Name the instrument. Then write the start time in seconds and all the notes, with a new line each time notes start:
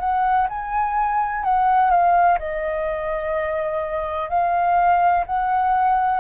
flute
0.00 F#5
0.49 G#5
1.44 F#5
1.91 F5
2.39 D#5
4.29 F5
5.26 F#5